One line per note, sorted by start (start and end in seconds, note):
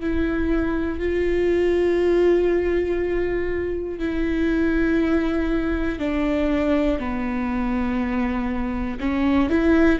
0.00 0.99 E4
0.99 3.99 F4
4.00 6.00 E4
6.00 7.00 D4
7.00 9.00 B3
9.00 9.50 C#4
9.50 10.00 E4